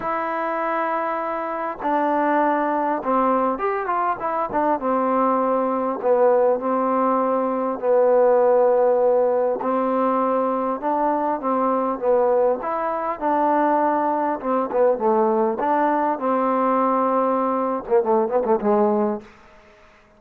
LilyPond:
\new Staff \with { instrumentName = "trombone" } { \time 4/4 \tempo 4 = 100 e'2. d'4~ | d'4 c'4 g'8 f'8 e'8 d'8 | c'2 b4 c'4~ | c'4 b2. |
c'2 d'4 c'4 | b4 e'4 d'2 | c'8 b8 a4 d'4 c'4~ | c'4.~ c'16 ais16 a8 b16 a16 gis4 | }